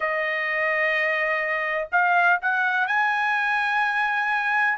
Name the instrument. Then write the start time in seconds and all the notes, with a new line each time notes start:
trumpet
0.00 D#5
1.91 F5
2.41 F#5
2.87 G#5